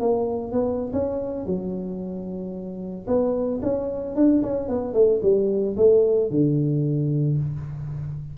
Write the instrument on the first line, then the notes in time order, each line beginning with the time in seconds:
tuba
0.00 A#3
0.52 B3
0.93 C#4
1.46 F#3
3.07 B3
3.63 C#4
4.15 D4
4.43 C#4
4.68 B3
4.94 A3
5.22 G3
5.77 A3
6.30 D3